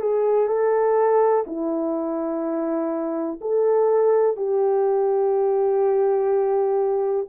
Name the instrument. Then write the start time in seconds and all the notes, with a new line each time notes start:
horn
0.00 G#4
0.47 A4
1.46 E4
3.40 A4
4.36 G4